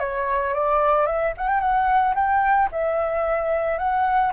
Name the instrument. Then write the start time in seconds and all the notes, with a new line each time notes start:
flute
0.00 C#5
0.54 D5
1.07 E5
1.38 F#5
1.49 G5
1.61 F#5
2.15 G5
2.72 E5
3.79 F#5